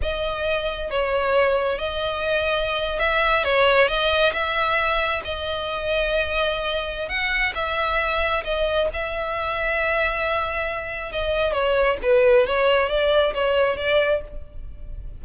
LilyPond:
\new Staff \with { instrumentName = "violin" } { \time 4/4 \tempo 4 = 135 dis''2 cis''2 | dis''2~ dis''8. e''4 cis''16~ | cis''8. dis''4 e''2 dis''16~ | dis''1 |
fis''4 e''2 dis''4 | e''1~ | e''4 dis''4 cis''4 b'4 | cis''4 d''4 cis''4 d''4 | }